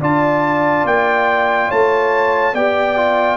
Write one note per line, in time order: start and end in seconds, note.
0.00 0.85 D4
0.00 2.54 F4
0.00 1.69 D5
0.00 0.87 A5
0.85 1.70 A#3
0.85 1.71 G5
1.69 2.54 A3
1.69 2.53 C#5
1.69 2.55 A5
2.54 3.37 B3
2.54 2.97 G4
2.54 3.37 D5
2.54 3.37 G5
2.97 3.37 F4